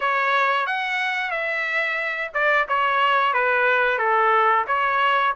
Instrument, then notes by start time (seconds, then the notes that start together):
trumpet
0.00 C#5
0.66 F#5
1.31 E5
2.33 D5
2.68 C#5
3.33 B4
3.98 A4
4.67 C#5